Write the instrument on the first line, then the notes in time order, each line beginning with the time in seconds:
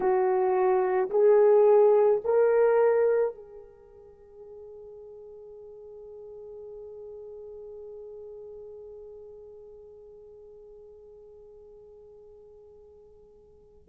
horn
0.00 F#4
1.10 G#4
2.24 A#4
3.34 G#4